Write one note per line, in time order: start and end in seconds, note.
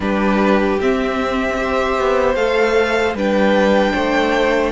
0.00 0.78 G3
0.00 0.79 D4
0.00 1.59 G4
0.00 0.79 B4
0.81 1.56 C4
0.81 1.98 C4
0.81 2.35 E5
1.56 2.35 G4
1.56 3.16 C5
1.98 2.35 B3
2.35 3.13 A3
2.35 3.15 A4
2.35 3.14 F5
3.13 3.92 G3
3.13 4.72 D4
3.13 3.93 B4
3.13 4.72 G5
3.93 4.72 A3
3.93 4.72 C5